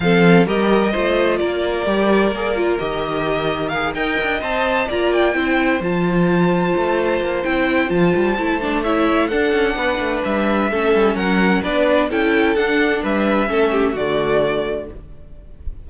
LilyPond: <<
  \new Staff \with { instrumentName = "violin" } { \time 4/4 \tempo 4 = 129 f''4 dis''2 d''4~ | d''2 dis''2 | f''8 g''4 a''4 ais''8 g''4~ | g''8 a''2.~ a''8 |
g''4 a''2 e''4 | fis''2 e''2 | fis''4 d''4 g''4 fis''4 | e''2 d''2 | }
  \new Staff \with { instrumentName = "violin" } { \time 4/4 a'4 ais'4 c''4 ais'4~ | ais'1~ | ais'8 dis''2 d''4 c''8~ | c''1~ |
c''2. cis''4 | a'4 b'2 a'4 | ais'4 b'4 a'2 | b'4 a'8 g'8 fis'2 | }
  \new Staff \with { instrumentName = "viola" } { \time 4/4 c'4 g'4 f'2 | g'4 gis'8 f'8 g'2 | gis'8 ais'4 c''4 f'4 e'8~ | e'8 f'2.~ f'8 |
e'4 f'4 e'8 d'8 e'4 | d'2. cis'4~ | cis'4 d'4 e'4 d'4~ | d'4 cis'4 a2 | }
  \new Staff \with { instrumentName = "cello" } { \time 4/4 f4 g4 a4 ais4 | g4 ais4 dis2~ | dis8 dis'8 d'8 c'4 ais4 c'8~ | c'8 f2 a4 ais8 |
c'4 f8 g8 a2 | d'8 cis'8 b8 a8 g4 a8 g8 | fis4 b4 cis'4 d'4 | g4 a4 d2 | }
>>